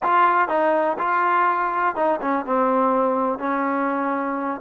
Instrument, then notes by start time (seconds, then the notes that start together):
trombone
0.02 F4
0.48 D#4
0.98 F4
1.95 D#4
2.21 C#4
2.45 C4
3.39 C#4